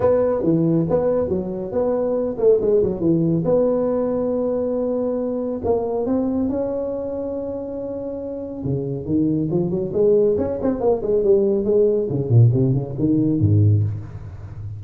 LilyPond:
\new Staff \with { instrumentName = "tuba" } { \time 4/4 \tempo 4 = 139 b4 e4 b4 fis4 | b4. a8 gis8 fis8 e4 | b1~ | b4 ais4 c'4 cis'4~ |
cis'1 | cis4 dis4 f8 fis8 gis4 | cis'8 c'8 ais8 gis8 g4 gis4 | cis8 ais,8 c8 cis8 dis4 gis,4 | }